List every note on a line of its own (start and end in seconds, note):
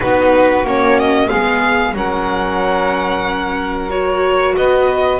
0.00 0.62 B3
0.00 0.65 D#4
0.00 1.28 F#4
0.00 0.65 B4
0.62 1.28 A#3
0.62 1.29 C#4
0.62 0.99 C#5
0.99 1.29 D#5
1.28 1.93 G#3
1.28 1.94 B3
1.28 1.93 G#4
1.28 1.94 F5
1.93 4.54 F#3
1.93 3.89 C#4
1.93 4.56 A#4
1.93 3.90 F#5
3.89 5.19 F#4
3.89 4.55 C#5
4.55 5.20 B3
4.55 5.20 B4
4.55 5.20 D#5